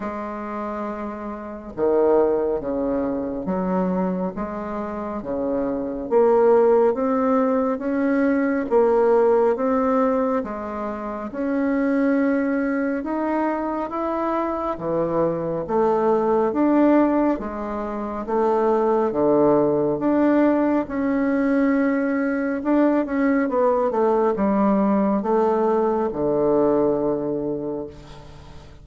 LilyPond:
\new Staff \with { instrumentName = "bassoon" } { \time 4/4 \tempo 4 = 69 gis2 dis4 cis4 | fis4 gis4 cis4 ais4 | c'4 cis'4 ais4 c'4 | gis4 cis'2 dis'4 |
e'4 e4 a4 d'4 | gis4 a4 d4 d'4 | cis'2 d'8 cis'8 b8 a8 | g4 a4 d2 | }